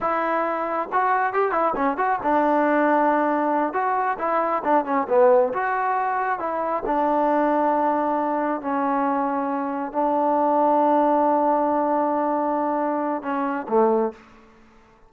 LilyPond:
\new Staff \with { instrumentName = "trombone" } { \time 4/4 \tempo 4 = 136 e'2 fis'4 g'8 e'8 | cis'8 fis'8 d'2.~ | d'8 fis'4 e'4 d'8 cis'8 b8~ | b8 fis'2 e'4 d'8~ |
d'2.~ d'8 cis'8~ | cis'2~ cis'8 d'4.~ | d'1~ | d'2 cis'4 a4 | }